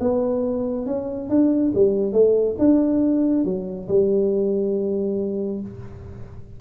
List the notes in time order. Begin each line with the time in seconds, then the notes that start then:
0.00 B3
0.86 C#4
1.29 D4
1.75 G3
2.12 A3
2.59 D4
3.44 F#3
3.88 G3